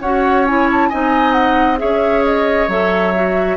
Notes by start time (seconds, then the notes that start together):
0.00 C#4 F#4 C#5 F#5
0.46 E4 G#5
0.71 A5
0.89 C4 D#4 D#5 G#5
1.32 F#5
1.77 C#4 G#4 C#5 E5
2.24 D#5
2.68 F#3 A4 E5
3.15 F#4